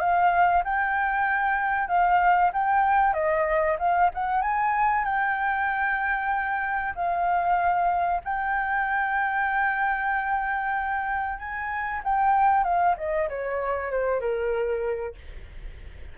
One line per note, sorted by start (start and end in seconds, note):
0.00 0.63 F5
0.65 1.88 G5
1.88 2.51 F5
2.53 3.13 G5
3.13 3.77 D#5
3.79 4.11 F5
4.14 4.42 F#5
4.42 5.05 G#5
5.05 6.94 G5
6.95 8.22 F5
8.24 11.39 G5
11.39 12.02 G#5
12.04 12.64 G5
12.64 12.96 F5
12.97 13.29 D#5
13.29 13.91 C#5
13.91 14.20 C5
14.20 15.15 A#4